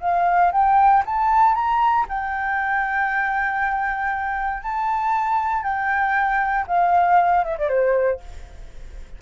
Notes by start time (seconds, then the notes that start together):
0.00 F5
0.52 G5
1.05 A5
1.54 A#5
2.08 G5
4.62 A5
5.63 G5
6.67 F5
7.43 E5
7.57 D5
7.68 C5